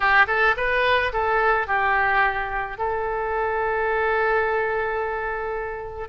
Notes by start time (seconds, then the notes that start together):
0.00 G4
0.27 A4
0.57 B4
1.12 A4
1.67 G4
2.78 A4